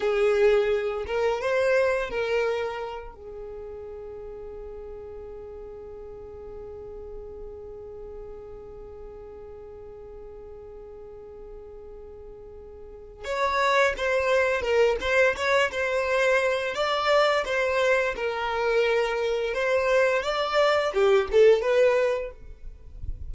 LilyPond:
\new Staff \with { instrumentName = "violin" } { \time 4/4 \tempo 4 = 86 gis'4. ais'8 c''4 ais'4~ | ais'8 gis'2.~ gis'8~ | gis'1~ | gis'1~ |
gis'2. cis''4 | c''4 ais'8 c''8 cis''8 c''4. | d''4 c''4 ais'2 | c''4 d''4 g'8 a'8 b'4 | }